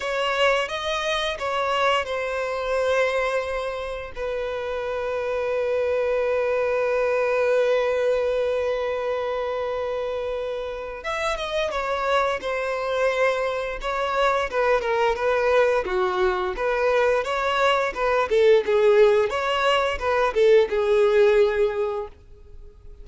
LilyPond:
\new Staff \with { instrumentName = "violin" } { \time 4/4 \tempo 4 = 87 cis''4 dis''4 cis''4 c''4~ | c''2 b'2~ | b'1~ | b'1 |
e''8 dis''8 cis''4 c''2 | cis''4 b'8 ais'8 b'4 fis'4 | b'4 cis''4 b'8 a'8 gis'4 | cis''4 b'8 a'8 gis'2 | }